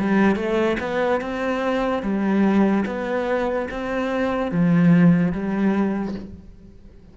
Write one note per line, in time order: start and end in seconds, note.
0.00 0.36 G3
0.36 0.77 A3
0.80 1.21 B3
1.21 2.03 C4
2.03 2.85 G3
2.87 3.69 B3
3.71 4.52 C4
4.52 5.33 F3
5.33 6.15 G3